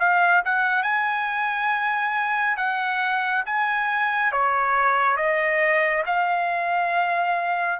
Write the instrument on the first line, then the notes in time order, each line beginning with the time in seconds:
trumpet
0.00 F5
0.45 F#5
0.83 G#5
2.57 F#5
3.46 G#5
4.32 C#5
5.17 D#5
6.06 F5